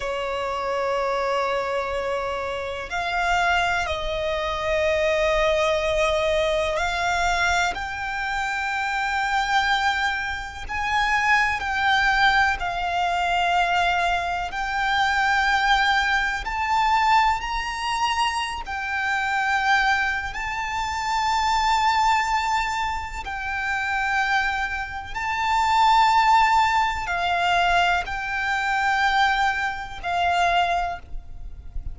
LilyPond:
\new Staff \with { instrumentName = "violin" } { \time 4/4 \tempo 4 = 62 cis''2. f''4 | dis''2. f''4 | g''2. gis''4 | g''4 f''2 g''4~ |
g''4 a''4 ais''4~ ais''16 g''8.~ | g''4 a''2. | g''2 a''2 | f''4 g''2 f''4 | }